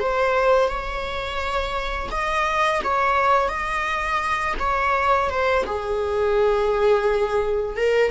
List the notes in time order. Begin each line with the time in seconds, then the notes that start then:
0.00 C5
0.68 C#5
2.11 D#5
2.84 C#5
3.49 D#5
4.59 C#5
5.30 C5
5.66 G#4
7.77 A#4